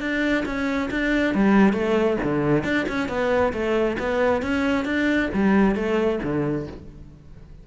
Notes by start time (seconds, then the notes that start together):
0.00 D4
0.45 C#4
0.91 D4
1.35 G3
1.73 A3
2.23 D3
2.64 D4
2.89 C#4
3.09 B3
3.53 A3
3.99 B3
4.42 C#4
4.85 D4
5.34 G3
5.75 A3
6.23 D3